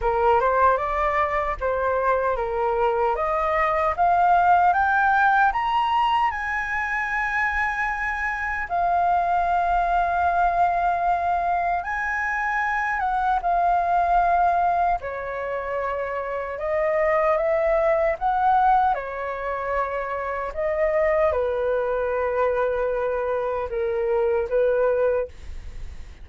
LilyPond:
\new Staff \with { instrumentName = "flute" } { \time 4/4 \tempo 4 = 76 ais'8 c''8 d''4 c''4 ais'4 | dis''4 f''4 g''4 ais''4 | gis''2. f''4~ | f''2. gis''4~ |
gis''8 fis''8 f''2 cis''4~ | cis''4 dis''4 e''4 fis''4 | cis''2 dis''4 b'4~ | b'2 ais'4 b'4 | }